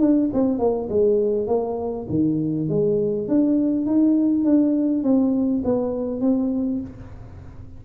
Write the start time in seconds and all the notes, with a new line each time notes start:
0.00 D4
0.33 C4
0.58 A#3
0.89 G#3
1.47 A#3
2.09 D#3
2.69 G#3
3.28 D4
3.86 D#4
4.44 D4
5.03 C4
5.64 B3
6.21 C4